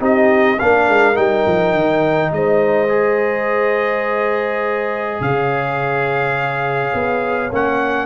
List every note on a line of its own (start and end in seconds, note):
0.00 0.58 C4
0.00 0.58 D#4
0.00 0.58 G4
0.00 0.60 D#5
0.58 0.89 A#3
0.58 1.15 D4
0.58 2.31 A#4
0.58 1.17 F5
0.89 1.18 G#3
1.15 1.47 G3
1.15 2.88 D#4
1.15 2.32 G5
1.47 1.75 F3
1.75 2.32 D#3
2.32 5.20 G#3
2.32 5.23 C5
2.32 5.22 D#5
2.89 7.51 G#4
5.21 6.94 C#3
5.21 8.07 C#5
5.21 7.53 F5
6.94 7.52 B3
7.52 8.07 A#3
7.52 8.07 C#4
7.52 8.07 F#5